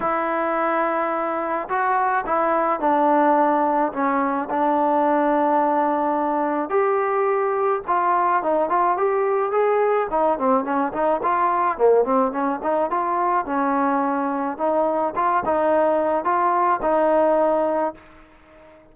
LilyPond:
\new Staff \with { instrumentName = "trombone" } { \time 4/4 \tempo 4 = 107 e'2. fis'4 | e'4 d'2 cis'4 | d'1 | g'2 f'4 dis'8 f'8 |
g'4 gis'4 dis'8 c'8 cis'8 dis'8 | f'4 ais8 c'8 cis'8 dis'8 f'4 | cis'2 dis'4 f'8 dis'8~ | dis'4 f'4 dis'2 | }